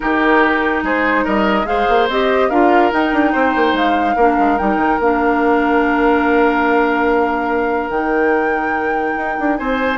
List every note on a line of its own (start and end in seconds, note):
0.00 0.82 D#3
0.00 1.65 D#4
0.00 0.83 G4
0.00 0.81 A#4
0.82 1.24 G#3
0.82 1.24 G#4
0.82 1.25 C5
1.24 1.65 G3
1.24 1.66 A#4
1.24 1.66 D#5
1.65 1.85 G#3
1.65 2.07 G#4
1.65 2.49 C5
1.65 2.08 F5
1.88 2.08 A#3
2.08 2.50 C4
2.08 2.51 G4
2.08 2.50 D#5
2.49 2.91 D4
2.49 2.91 F4
2.49 3.32 A#4
2.49 2.91 F5
2.91 4.16 D#4
2.91 3.12 D#4
2.91 3.76 G5
3.12 3.33 D4
3.32 3.55 C4
3.32 4.15 C5
3.55 3.73 A#3
3.73 4.14 G#3
3.73 4.57 F5
4.15 4.37 A#3
4.15 4.57 D4
4.15 9.57 A#4
4.38 4.59 G#3
4.57 4.76 G3
4.57 4.99 D#4
4.57 4.99 G5
4.76 4.97 D#3
4.99 7.89 A#3
4.99 7.90 D4
4.99 7.90 F5
7.89 9.14 D#3
7.89 9.98 D#4
7.89 9.56 G5
9.16 9.37 D#4
9.39 9.59 D4
9.56 9.98 C4
9.56 9.98 C5
9.56 9.98 G#5